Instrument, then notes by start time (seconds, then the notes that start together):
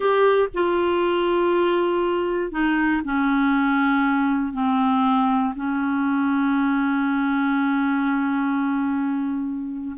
clarinet
0.00 G4
0.54 F4
2.51 D#4
3.04 C#4
4.53 C4
5.55 C#4